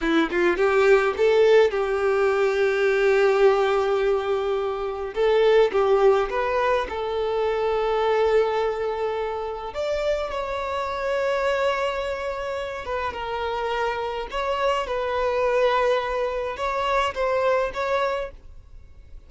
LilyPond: \new Staff \with { instrumentName = "violin" } { \time 4/4 \tempo 4 = 105 e'8 f'8 g'4 a'4 g'4~ | g'1~ | g'4 a'4 g'4 b'4 | a'1~ |
a'4 d''4 cis''2~ | cis''2~ cis''8 b'8 ais'4~ | ais'4 cis''4 b'2~ | b'4 cis''4 c''4 cis''4 | }